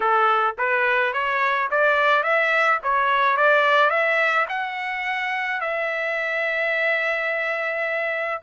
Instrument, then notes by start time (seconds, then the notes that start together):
trumpet
0.00 A4
0.58 B4
1.13 C#5
1.70 D5
2.23 E5
2.83 C#5
3.36 D5
3.90 E5
4.49 F#5
5.60 E5